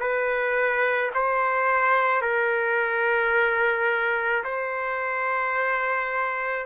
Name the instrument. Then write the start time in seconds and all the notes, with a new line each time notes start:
trumpet
0.00 B4
1.15 C5
2.22 A#4
4.44 C5